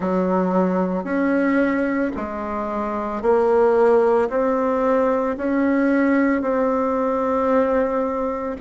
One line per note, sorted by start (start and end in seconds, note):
0.00 1.04 F#3
1.04 2.11 C#4
2.16 3.21 G#3
3.21 4.29 A#3
4.29 5.36 C4
5.37 6.41 C#4
6.41 8.56 C4